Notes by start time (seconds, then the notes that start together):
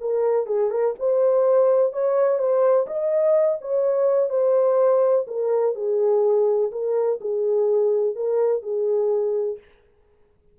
0.00 A#4
0.46 G#4
0.70 A#4
0.99 C5
1.92 C#5
2.38 C5
2.86 D#5
3.61 C#5
4.29 C5
5.27 A#4
5.75 G#4
6.71 A#4
7.20 G#4
8.15 A#4
8.62 G#4